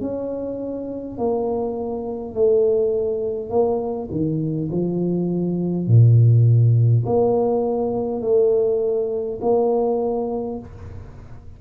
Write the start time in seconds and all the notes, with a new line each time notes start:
0.00 C#4
1.17 A#3
2.34 A3
3.49 A#3
4.11 D#3
4.71 F3
5.87 A#2
7.05 A#3
8.21 A3
9.41 A#3